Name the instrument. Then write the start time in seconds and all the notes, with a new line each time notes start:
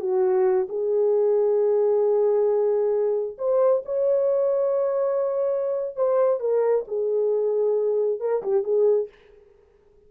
horn
0.00 F#4
0.68 G#4
3.38 C5
3.85 C#5
5.96 C5
6.40 A#4
6.88 G#4
8.20 A#4
8.43 G4
8.63 G#4